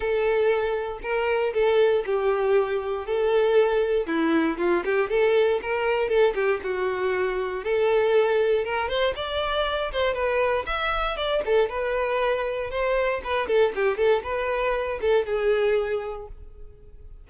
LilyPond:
\new Staff \with { instrumentName = "violin" } { \time 4/4 \tempo 4 = 118 a'2 ais'4 a'4 | g'2 a'2 | e'4 f'8 g'8 a'4 ais'4 | a'8 g'8 fis'2 a'4~ |
a'4 ais'8 c''8 d''4. c''8 | b'4 e''4 d''8 a'8 b'4~ | b'4 c''4 b'8 a'8 g'8 a'8 | b'4. a'8 gis'2 | }